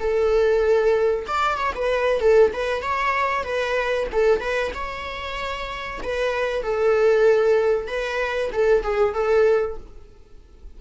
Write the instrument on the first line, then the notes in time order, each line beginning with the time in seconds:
viola
0.00 A4
1.28 D5
1.58 C#5
1.75 B4
2.21 A4
2.54 B4
2.83 C#5
3.44 B4
4.13 A4
4.41 B4
4.75 C#5
6.03 B4
6.63 A4
7.88 B4
8.53 A4
8.84 G#4
9.14 A4